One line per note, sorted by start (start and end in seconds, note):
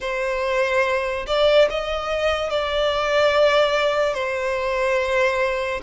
0.00 1.25 C5
1.27 1.68 D5
1.69 2.50 D#5
2.50 4.14 D5
4.14 5.80 C5